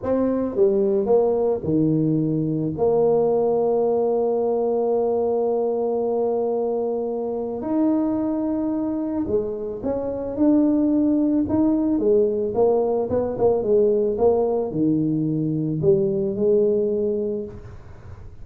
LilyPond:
\new Staff \with { instrumentName = "tuba" } { \time 4/4 \tempo 4 = 110 c'4 g4 ais4 dis4~ | dis4 ais2.~ | ais1~ | ais2 dis'2~ |
dis'4 gis4 cis'4 d'4~ | d'4 dis'4 gis4 ais4 | b8 ais8 gis4 ais4 dis4~ | dis4 g4 gis2 | }